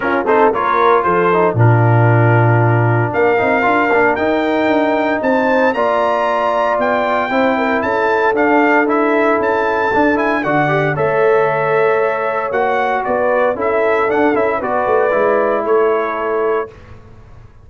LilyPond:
<<
  \new Staff \with { instrumentName = "trumpet" } { \time 4/4 \tempo 4 = 115 ais'8 c''8 cis''4 c''4 ais'4~ | ais'2 f''2 | g''2 a''4 ais''4~ | ais''4 g''2 a''4 |
f''4 e''4 a''4. gis''8 | fis''4 e''2. | fis''4 d''4 e''4 fis''8 e''8 | d''2 cis''2 | }
  \new Staff \with { instrumentName = "horn" } { \time 4/4 f'8 a'8 ais'4 a'4 f'4~ | f'2 ais'2~ | ais'2 c''4 d''4~ | d''2 c''8 ais'8 a'4~ |
a'1 | d''4 cis''2.~ | cis''4 b'4 a'2 | b'2 a'2 | }
  \new Staff \with { instrumentName = "trombone" } { \time 4/4 cis'8 dis'8 f'4. dis'8 d'4~ | d'2~ d'8 dis'8 f'8 d'8 | dis'2. f'4~ | f'2 e'2 |
d'4 e'2 d'8 e'8 | fis'8 g'8 a'2. | fis'2 e'4 d'8 e'8 | fis'4 e'2. | }
  \new Staff \with { instrumentName = "tuba" } { \time 4/4 cis'8 c'8 ais4 f4 ais,4~ | ais,2 ais8 c'8 d'8 ais8 | dis'4 d'4 c'4 ais4~ | ais4 b4 c'4 cis'4 |
d'2 cis'4 d'4 | d4 a2. | ais4 b4 cis'4 d'8 cis'8 | b8 a8 gis4 a2 | }
>>